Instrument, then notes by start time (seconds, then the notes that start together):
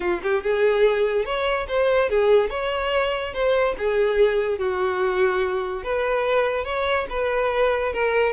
violin
0.00 F4
0.23 G4
0.43 G#4
1.25 C#5
1.68 C5
2.09 G#4
2.50 C#5
3.33 C5
3.77 G#4
4.58 F#4
5.83 B4
6.64 C#5
7.09 B4
7.92 A#4